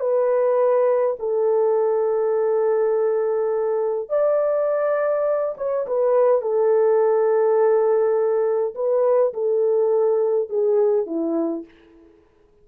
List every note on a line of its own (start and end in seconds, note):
0.00 1.17 B4
1.19 4.09 A4
4.09 5.55 D5
5.57 5.86 C#5
5.87 6.42 B4
6.42 8.75 A4
8.75 9.33 B4
9.34 10.50 A4
10.50 11.07 G#4
11.07 11.65 E4